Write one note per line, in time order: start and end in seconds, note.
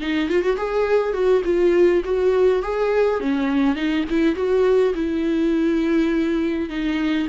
0.00 0.29 D#4
0.29 0.42 F4
0.42 0.56 F#4
0.56 1.13 G#4
1.13 1.42 F#4
1.44 2.03 F4
2.04 2.62 F#4
2.62 3.20 G#4
3.20 3.75 C#4
3.75 4.04 D#4
4.10 4.35 E4
4.35 4.93 F#4
4.94 6.69 E4
6.69 7.27 D#4